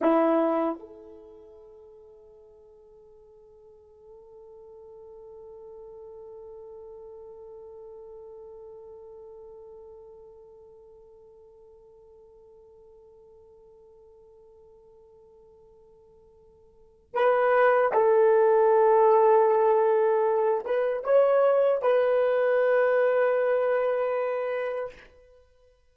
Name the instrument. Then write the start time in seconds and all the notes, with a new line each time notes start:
horn
0.01 E4
0.79 A4
17.14 B4
17.92 A4
20.65 B4
21.04 C#5
21.82 B4